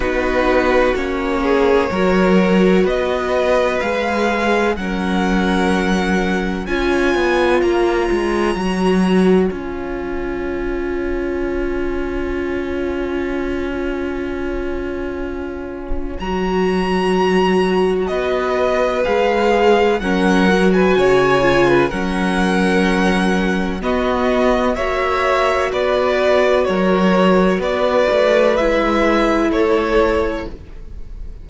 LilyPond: <<
  \new Staff \with { instrumentName = "violin" } { \time 4/4 \tempo 4 = 63 b'4 cis''2 dis''4 | f''4 fis''2 gis''4 | ais''2 gis''2~ | gis''1~ |
gis''4 ais''2 dis''4 | f''4 fis''8. gis''4~ gis''16 fis''4~ | fis''4 dis''4 e''4 d''4 | cis''4 d''4 e''4 cis''4 | }
  \new Staff \with { instrumentName = "violin" } { \time 4/4 fis'4. gis'8 ais'4 b'4~ | b'4 ais'2 cis''4~ | cis''1~ | cis''1~ |
cis''2. b'4~ | b'4 ais'8. b'16 cis''8. b'16 ais'4~ | ais'4 fis'4 cis''4 b'4 | ais'4 b'2 a'4 | }
  \new Staff \with { instrumentName = "viola" } { \time 4/4 dis'4 cis'4 fis'2 | gis'4 cis'2 f'4~ | f'4 fis'4 f'2~ | f'1~ |
f'4 fis'2. | gis'4 cis'8 fis'4 f'8 cis'4~ | cis'4 b4 fis'2~ | fis'2 e'2 | }
  \new Staff \with { instrumentName = "cello" } { \time 4/4 b4 ais4 fis4 b4 | gis4 fis2 cis'8 b8 | ais8 gis8 fis4 cis'2~ | cis'1~ |
cis'4 fis2 b4 | gis4 fis4 cis4 fis4~ | fis4 b4 ais4 b4 | fis4 b8 a8 gis4 a4 | }
>>